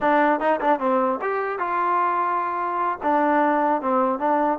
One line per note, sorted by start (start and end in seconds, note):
0.00 0.40 D4
0.40 0.60 D#4
0.61 0.79 D4
0.79 1.19 C4
1.21 1.59 G4
1.59 2.99 F4
3.02 3.81 D4
3.81 4.19 C4
4.19 4.59 D4